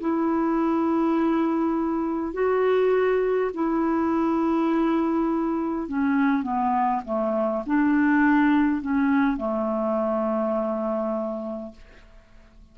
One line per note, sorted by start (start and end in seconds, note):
0.00 2.33 E4
2.33 3.51 F#4
3.53 5.88 E4
5.88 6.42 C#4
6.42 7.01 B3
7.04 7.63 A3
7.66 8.81 D4
8.81 9.37 C#4
9.37 11.72 A3